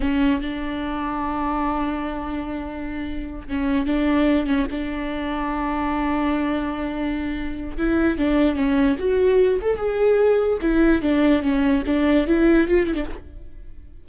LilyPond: \new Staff \with { instrumentName = "viola" } { \time 4/4 \tempo 4 = 147 cis'4 d'2.~ | d'1~ | d'8 cis'4 d'4. cis'8 d'8~ | d'1~ |
d'2. e'4 | d'4 cis'4 fis'4. a'8 | gis'2 e'4 d'4 | cis'4 d'4 e'4 f'8 e'16 d'16 | }